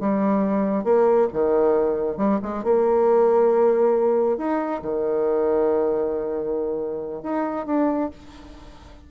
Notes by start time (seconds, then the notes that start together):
0.00 G3
0.84 A#3
1.33 D#3
2.17 G3
2.42 G#3
2.63 A#3
4.38 D#4
4.82 D#3
7.23 D#4
7.66 D4